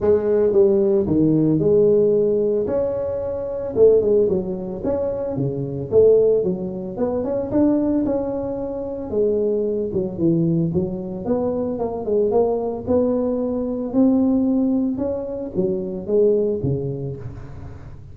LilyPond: \new Staff \with { instrumentName = "tuba" } { \time 4/4 \tempo 4 = 112 gis4 g4 dis4 gis4~ | gis4 cis'2 a8 gis8 | fis4 cis'4 cis4 a4 | fis4 b8 cis'8 d'4 cis'4~ |
cis'4 gis4. fis8 e4 | fis4 b4 ais8 gis8 ais4 | b2 c'2 | cis'4 fis4 gis4 cis4 | }